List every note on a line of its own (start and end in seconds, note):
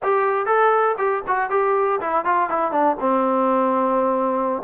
0.02 0.45 G4
0.45 0.95 A4
0.97 1.22 G4
1.27 1.50 F#4
1.50 2.00 G4
2.00 2.24 E4
2.24 2.49 F4
2.49 2.71 E4
2.71 2.96 D4
3.00 4.62 C4